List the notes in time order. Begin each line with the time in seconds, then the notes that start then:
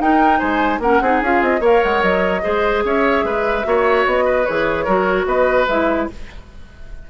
0.00 D#4 A#4 G5
0.38 G#3 C5 G#5
0.79 A#3 C#4 A#4 F#5
1.01 C4 D#4 G#4
1.21 C#4 F4 F5
1.42 C4 D#5
1.60 A#3 A#4 C#5 F5
1.83 G#3 F#5
2.02 F#3 D#5
2.42 G#3 G#4 C5
2.84 C#4 C#5 E5
3.23 G#3 B4
3.64 A#3 F#4 C#5
4.06 B3 D#5
4.24 B4
4.45 E3 G#4 C#5
4.84 F#3 F#4 A#4
5.26 B3 B4 D#5
5.67 G#3 E4 E5